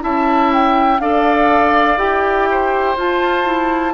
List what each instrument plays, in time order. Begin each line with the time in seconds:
0.00 bassoon C#4, clarinet E4, oboe E5, flute A5
0.53 flute G5
0.99 bassoon D4, clarinet A4, oboe D5, flute F5
1.97 bassoon E4, clarinet G4, flute G5
2.51 oboe C5
2.97 bassoon F4, clarinet F4, flute A5
3.45 clarinet E4